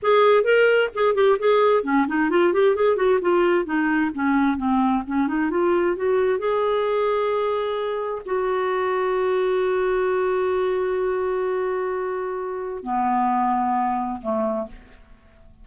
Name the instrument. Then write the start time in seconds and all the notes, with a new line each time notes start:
clarinet
0.02 G#4
0.43 A#4
0.94 G#4
1.15 G4
1.38 G#4
1.83 C#4
2.07 D#4
2.30 F4
2.53 G4
2.75 G#4
2.96 F#4
3.21 F4
3.65 D#4
4.14 C#4
4.57 C4
5.07 C#4
5.27 D#4
5.50 F4
5.96 F#4
6.38 G#4
8.25 F#4
12.83 B3
14.21 A3